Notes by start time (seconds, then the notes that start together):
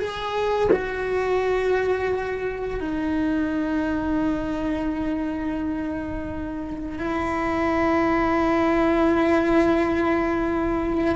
0.00 G#4
0.73 F#4
2.80 D#4
6.99 E4